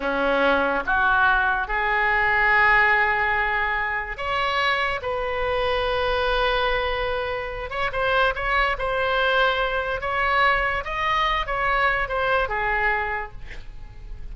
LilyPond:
\new Staff \with { instrumentName = "oboe" } { \time 4/4 \tempo 4 = 144 cis'2 fis'2 | gis'1~ | gis'2 cis''2 | b'1~ |
b'2~ b'8 cis''8 c''4 | cis''4 c''2. | cis''2 dis''4. cis''8~ | cis''4 c''4 gis'2 | }